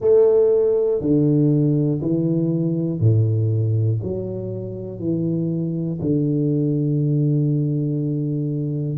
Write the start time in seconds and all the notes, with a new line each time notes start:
0.00 A3
1.00 D3
2.01 E3
3.00 A2
4.02 F#3
4.99 E3
6.00 D3